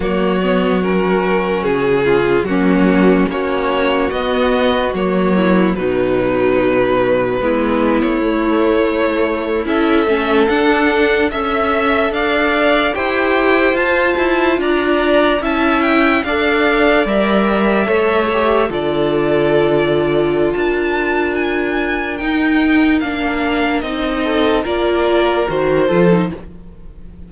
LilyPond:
<<
  \new Staff \with { instrumentName = "violin" } { \time 4/4 \tempo 4 = 73 cis''4 ais'4 gis'4 fis'4 | cis''4 dis''4 cis''4 b'4~ | b'4.~ b'16 cis''2 e''16~ | e''8. fis''4 e''4 f''4 g''16~ |
g''8. a''4 ais''4 a''8 g''8 f''16~ | f''8. e''2 d''4~ d''16~ | d''4 a''4 gis''4 g''4 | f''4 dis''4 d''4 c''4 | }
  \new Staff \with { instrumentName = "violin" } { \time 4/4 fis'2~ fis'8 f'8 cis'4 | fis'2~ fis'8 e'8 dis'4~ | dis'4 e'2~ e'8. a'16~ | a'4.~ a'16 e''4 d''4 c''16~ |
c''4.~ c''16 d''4 e''4 d''16~ | d''4.~ d''16 cis''4 a'4~ a'16~ | a'4 ais'2.~ | ais'4. a'8 ais'4. a'8 | }
  \new Staff \with { instrumentName = "viola" } { \time 4/4 ais8 b8 cis'2 ais4 | cis'4 b4 ais4 fis4~ | fis4 b4 a4.~ a16 e'16~ | e'16 cis'8 d'4 a'2 g'16~ |
g'8. f'2 e'4 a'16~ | a'8. ais'4 a'8 g'8 f'4~ f'16~ | f'2. dis'4 | d'4 dis'4 f'4 fis'8 f'16 dis'16 | }
  \new Staff \with { instrumentName = "cello" } { \time 4/4 fis2 cis4 fis4 | ais4 b4 fis4 b,4~ | b,4 gis8. a2 cis'16~ | cis'16 a8 d'4 cis'4 d'4 e'16~ |
e'8. f'8 e'8 d'4 cis'4 d'16~ | d'8. g4 a4 d4~ d16~ | d4 d'2 dis'4 | ais4 c'4 ais4 dis8 f8 | }
>>